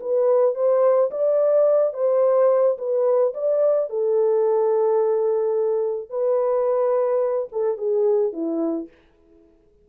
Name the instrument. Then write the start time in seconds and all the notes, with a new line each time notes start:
horn
0.00 B4
0.55 C5
1.11 D5
1.94 C5
2.78 B4
3.34 D5
3.90 A4
6.10 B4
7.52 A4
7.78 G#4
8.33 E4